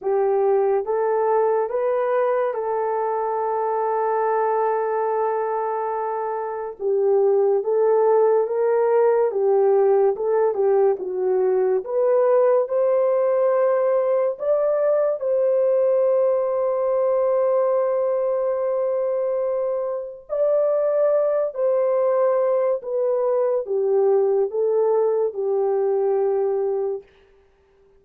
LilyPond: \new Staff \with { instrumentName = "horn" } { \time 4/4 \tempo 4 = 71 g'4 a'4 b'4 a'4~ | a'1 | g'4 a'4 ais'4 g'4 | a'8 g'8 fis'4 b'4 c''4~ |
c''4 d''4 c''2~ | c''1 | d''4. c''4. b'4 | g'4 a'4 g'2 | }